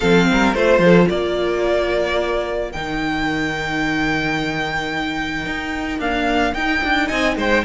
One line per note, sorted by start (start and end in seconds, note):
0.00 0.29 F3
0.00 0.54 C4
0.00 0.26 A4
0.00 0.53 F5
0.30 0.54 G3
0.30 0.57 A#4
0.53 0.79 A3
0.53 2.73 F4
0.53 1.08 C5
0.53 0.84 C5
0.79 1.06 F3
0.79 1.09 A4
1.09 2.74 A#3
1.09 7.06 A#4
1.09 2.72 D5
2.72 5.46 D#3
2.72 6.00 D#4
2.72 5.99 G5
5.46 5.99 D#4
5.99 6.55 A#3
5.99 6.53 D4
5.99 6.53 F5
6.53 6.81 D#4
6.53 7.64 D#4
6.53 7.08 G5
6.83 7.10 D4
7.06 7.36 C4
7.06 7.34 D#5
7.06 7.35 G#5
7.36 7.63 G#3
7.36 7.64 C5
7.36 7.64 G5